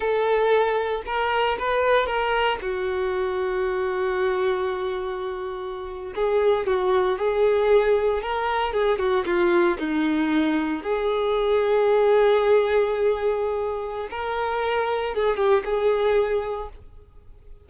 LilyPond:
\new Staff \with { instrumentName = "violin" } { \time 4/4 \tempo 4 = 115 a'2 ais'4 b'4 | ais'4 fis'2.~ | fis'2.~ fis'8. gis'16~ | gis'8. fis'4 gis'2 ais'16~ |
ais'8. gis'8 fis'8 f'4 dis'4~ dis'16~ | dis'8. gis'2.~ gis'16~ | gis'2. ais'4~ | ais'4 gis'8 g'8 gis'2 | }